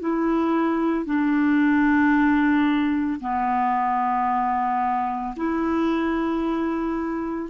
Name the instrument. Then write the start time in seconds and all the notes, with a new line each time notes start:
clarinet
0.00 E4
1.06 D4
3.20 B3
5.36 E4